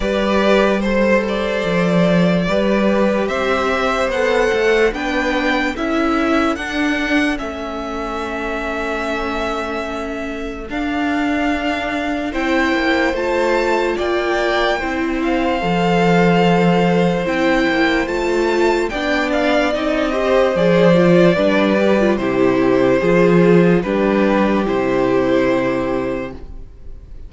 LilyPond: <<
  \new Staff \with { instrumentName = "violin" } { \time 4/4 \tempo 4 = 73 d''4 c''8 d''2~ d''8 | e''4 fis''4 g''4 e''4 | fis''4 e''2.~ | e''4 f''2 g''4 |
a''4 g''4. f''4.~ | f''4 g''4 a''4 g''8 f''8 | dis''4 d''2 c''4~ | c''4 b'4 c''2 | }
  \new Staff \with { instrumentName = "violin" } { \time 4/4 b'4 c''2 b'4 | c''2 b'4 a'4~ | a'1~ | a'2. c''4~ |
c''4 d''4 c''2~ | c''2. d''4~ | d''8 c''4. b'4 g'4 | gis'4 g'2. | }
  \new Staff \with { instrumentName = "viola" } { \time 4/4 g'4 a'2 g'4~ | g'4 a'4 d'4 e'4 | d'4 cis'2.~ | cis'4 d'2 e'4 |
f'2 e'4 a'4~ | a'4 e'4 f'4 d'4 | dis'8 g'8 gis'8 f'8 d'8 g'16 f'16 e'4 | f'4 d'4 e'2 | }
  \new Staff \with { instrumentName = "cello" } { \time 4/4 g2 f4 g4 | c'4 b8 a8 b4 cis'4 | d'4 a2.~ | a4 d'2 c'8 ais8 |
a4 ais4 c'4 f4~ | f4 c'8 ais8 a4 b4 | c'4 f4 g4 c4 | f4 g4 c2 | }
>>